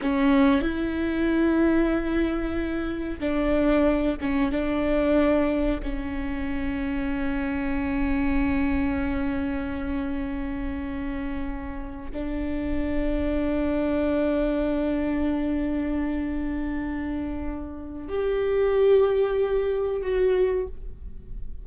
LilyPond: \new Staff \with { instrumentName = "viola" } { \time 4/4 \tempo 4 = 93 cis'4 e'2.~ | e'4 d'4. cis'8 d'4~ | d'4 cis'2.~ | cis'1~ |
cis'2~ cis'8. d'4~ d'16~ | d'1~ | d'1 | g'2. fis'4 | }